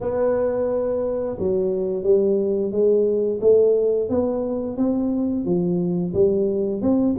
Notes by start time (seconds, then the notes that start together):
0.01 B3
1.38 F#3
2.03 G3
2.71 G#3
3.41 A3
4.09 B3
4.76 C4
5.45 F3
6.13 G3
6.81 C4